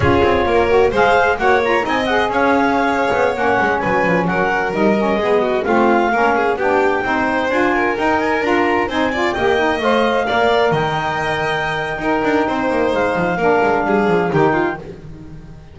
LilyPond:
<<
  \new Staff \with { instrumentName = "clarinet" } { \time 4/4 \tempo 4 = 130 cis''2 f''4 fis''8 ais''8 | gis''8 fis''8 f''2~ f''16 fis''8.~ | fis''16 gis''4 fis''4 dis''4.~ dis''16~ | dis''16 f''2 g''4.~ g''16~ |
g''16 gis''4 g''8 gis''8 ais''4 gis''8.~ | gis''16 g''4 f''2 g''8.~ | g''1 | f''2. g''4 | }
  \new Staff \with { instrumentName = "violin" } { \time 4/4 gis'4 ais'4 c''4 cis''4 | dis''4 cis''2.~ | cis''16 b'4 ais'2 gis'8 fis'16~ | fis'16 f'4 ais'8 gis'8 g'4 c''8.~ |
c''8. ais'2~ ais'8 c''8 d''16~ | d''16 dis''2 d''4 dis''8.~ | dis''2 ais'4 c''4~ | c''4 ais'4 gis'4 g'8 f'8 | }
  \new Staff \with { instrumentName = "saxophone" } { \time 4/4 f'4. fis'8 gis'4 fis'8 f'8 | dis'8 gis'2~ gis'8. cis'8.~ | cis'2~ cis'16 dis'8 cis'8 b8.~ | b16 c'4 cis'4 d'4 dis'8.~ |
dis'16 f'4 dis'4 f'4 dis'8 f'16~ | f'16 g'8 dis'8 c''4 ais'4.~ ais'16~ | ais'2 dis'2~ | dis'4 d'2 dis'4 | }
  \new Staff \with { instrumentName = "double bass" } { \time 4/4 cis'8 c'8 ais4 gis4 ais4 | c'4 cis'4.~ cis'16 b8 ais8 gis16~ | gis16 fis8 f8 fis4 g4 gis8.~ | gis16 a4 ais4 b4 c'8.~ |
c'16 d'4 dis'4 d'4 c'8.~ | c'16 ais4 a4 ais4 dis8.~ | dis2 dis'8 d'8 c'8 ais8 | gis8 f8 ais8 gis8 g8 f8 dis4 | }
>>